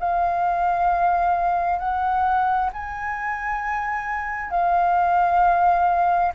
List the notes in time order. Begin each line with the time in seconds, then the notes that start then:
0.00 F5
1.79 F#5
2.73 G#5
4.51 F5